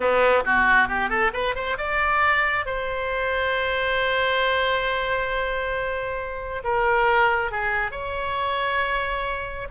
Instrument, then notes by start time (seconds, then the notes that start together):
oboe
0.00 B3
0.45 F#4
0.88 G4
1.09 A4
1.33 B4
1.55 C5
1.77 D5
2.65 C5
6.63 A#4
7.51 G#4
7.91 C#5